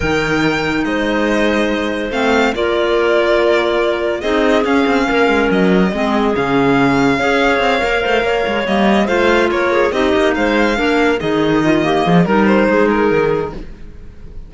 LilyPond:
<<
  \new Staff \with { instrumentName = "violin" } { \time 4/4 \tempo 4 = 142 g''2 dis''2~ | dis''4 f''4 d''2~ | d''2 dis''4 f''4~ | f''4 dis''2 f''4~ |
f''1~ | f''8 dis''4 f''4 cis''4 dis''8~ | dis''8 f''2 dis''4.~ | dis''4 ais'8 c''4 ais'4. | }
  \new Staff \with { instrumentName = "clarinet" } { \time 4/4 ais'2 c''2~ | c''2 ais'2~ | ais'2 gis'2 | ais'2 gis'2~ |
gis'4 cis''2 c''8 cis''8~ | cis''4. c''4 ais'8 gis'8 g'8~ | g'8 c''4 ais'4 gis'4 f'8 | g'8 gis'8 ais'4 gis'2 | }
  \new Staff \with { instrumentName = "clarinet" } { \time 4/4 dis'1~ | dis'4 c'4 f'2~ | f'2 dis'4 cis'4~ | cis'2 c'4 cis'4~ |
cis'4 gis'4. ais'4.~ | ais'8 ais4 f'2 dis'8~ | dis'4. d'4 dis'4. | ais4 dis'2. | }
  \new Staff \with { instrumentName = "cello" } { \time 4/4 dis2 gis2~ | gis4 a4 ais2~ | ais2 c'4 cis'8 c'8 | ais8 gis8 fis4 gis4 cis4~ |
cis4 cis'4 c'8 ais8 a8 ais8 | gis8 g4 a4 ais4 c'8 | ais8 gis4 ais4 dis4.~ | dis8 f8 g4 gis4 dis4 | }
>>